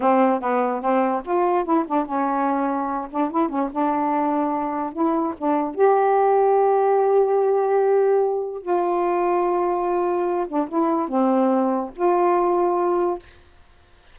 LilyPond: \new Staff \with { instrumentName = "saxophone" } { \time 4/4 \tempo 4 = 146 c'4 b4 c'4 f'4 | e'8 d'8 cis'2~ cis'8 d'8 | e'8 cis'8 d'2. | e'4 d'4 g'2~ |
g'1~ | g'4 f'2.~ | f'4. d'8 e'4 c'4~ | c'4 f'2. | }